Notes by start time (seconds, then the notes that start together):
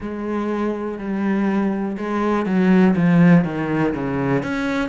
0.00 G#3
0.98 G3
1.97 G#3
2.45 F#3
2.96 F3
3.44 D#3
3.93 C#3
4.43 C#4